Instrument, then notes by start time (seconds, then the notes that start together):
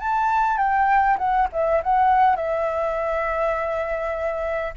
flute
0.00 A5
0.58 G5
1.18 F#5
1.52 E5
1.83 F#5
2.36 E5